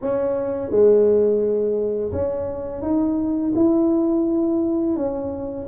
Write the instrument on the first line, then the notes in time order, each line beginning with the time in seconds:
tuba
0.01 C#4
0.70 G#3
2.12 C#4
2.82 D#4
3.55 E4
4.96 C#4